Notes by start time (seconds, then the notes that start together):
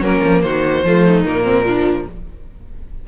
0.00 F#3 A#3 C#4 A#4
0.23 F3
0.41 D#3 F#4 C5
0.84 F3 A3 F4
1.06 D#4
1.24 A#2 A#3 A#4
1.44 C4
1.65 F3 D4